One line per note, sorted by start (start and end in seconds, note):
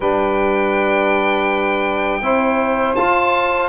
0.00 2.21 G3
0.00 2.22 D4
0.00 2.20 B4
0.00 2.95 G5
2.21 2.95 C4
2.21 2.96 E4
2.21 3.69 C5
2.95 3.69 F4
2.95 3.69 A5